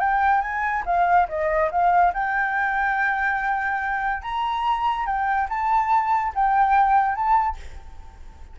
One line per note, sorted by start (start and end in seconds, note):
0.00 0.42 G5
0.42 0.84 G#5
0.86 1.28 F5
1.29 1.71 D#5
1.71 2.13 F5
2.14 4.23 G5
4.23 5.06 A#5
5.06 5.48 G5
5.49 6.33 A5
6.35 7.15 G5
7.15 7.57 A5